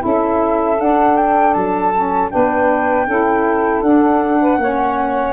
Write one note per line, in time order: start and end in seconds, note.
0.00 0.80 C#4
0.00 0.76 E4
0.00 2.32 A4
0.00 0.81 E5
0.80 1.94 D4
0.80 1.56 D4
0.80 1.17 F#5
1.17 1.54 G5
1.54 2.32 F#3
1.54 2.30 A5
1.95 2.30 C#4
2.30 3.07 B3
2.30 3.06 D4
2.30 3.07 B4
2.30 3.82 G5
3.07 3.83 C#4
3.07 3.84 E4
3.07 4.40 A4
3.82 4.58 D4
3.82 4.60 D4
3.82 5.34 F#5
4.41 4.60 B4
4.58 5.34 A#3
4.58 5.34 C#4
4.58 5.34 C#5